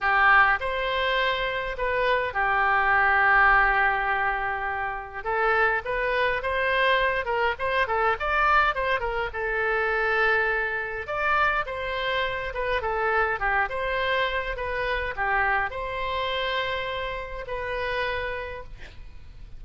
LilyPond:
\new Staff \with { instrumentName = "oboe" } { \time 4/4 \tempo 4 = 103 g'4 c''2 b'4 | g'1~ | g'4 a'4 b'4 c''4~ | c''8 ais'8 c''8 a'8 d''4 c''8 ais'8 |
a'2. d''4 | c''4. b'8 a'4 g'8 c''8~ | c''4 b'4 g'4 c''4~ | c''2 b'2 | }